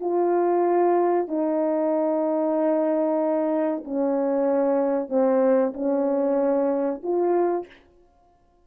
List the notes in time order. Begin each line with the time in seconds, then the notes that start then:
0.00 F4
1.28 D#4
3.85 C#4
5.09 C4
5.74 C#4
7.03 F4